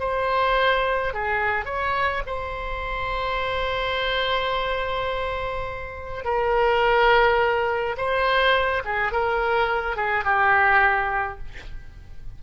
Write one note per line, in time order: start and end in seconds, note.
0.00 1.14 C5
1.14 1.66 G#4
1.66 2.23 C#5
2.27 6.25 C5
6.25 7.96 A#4
7.97 8.83 C5
8.85 9.12 G#4
9.12 9.97 A#4
9.97 10.25 G#4
10.25 11.39 G4